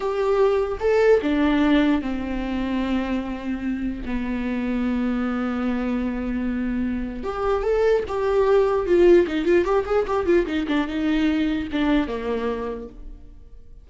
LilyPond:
\new Staff \with { instrumentName = "viola" } { \time 4/4 \tempo 4 = 149 g'2 a'4 d'4~ | d'4 c'2.~ | c'2 b2~ | b1~ |
b2 g'4 a'4 | g'2 f'4 dis'8 f'8 | g'8 gis'8 g'8 f'8 dis'8 d'8 dis'4~ | dis'4 d'4 ais2 | }